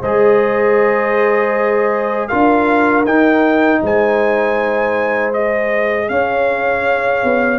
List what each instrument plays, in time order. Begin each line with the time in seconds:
0.00 tuba G#3, trombone G#4, horn C5, trumpet D#5
2.28 tuba D4, trombone F4, horn A#4, trumpet F5
3.05 tuba D#4, trombone D#4, trumpet G5
3.82 tuba G#3, horn C5, trumpet G#5
5.33 trombone G#4, trumpet D#5
6.09 tuba C#4, horn C#5, trumpet F5
7.24 tuba B3